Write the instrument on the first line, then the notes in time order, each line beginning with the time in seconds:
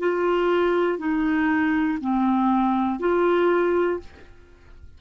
clarinet
0.00 F4
0.99 D#4
2.01 C4
3.00 F4